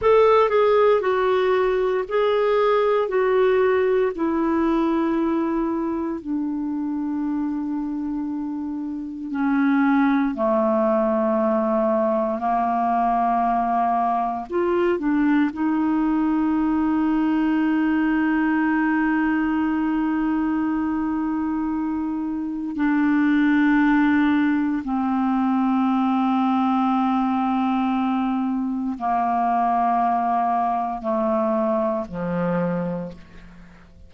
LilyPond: \new Staff \with { instrumentName = "clarinet" } { \time 4/4 \tempo 4 = 58 a'8 gis'8 fis'4 gis'4 fis'4 | e'2 d'2~ | d'4 cis'4 a2 | ais2 f'8 d'8 dis'4~ |
dis'1~ | dis'2 d'2 | c'1 | ais2 a4 f4 | }